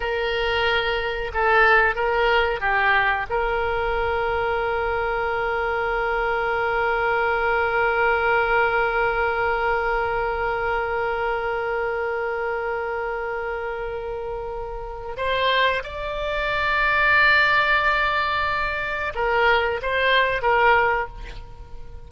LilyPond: \new Staff \with { instrumentName = "oboe" } { \time 4/4 \tempo 4 = 91 ais'2 a'4 ais'4 | g'4 ais'2.~ | ais'1~ | ais'1~ |
ais'1~ | ais'2. c''4 | d''1~ | d''4 ais'4 c''4 ais'4 | }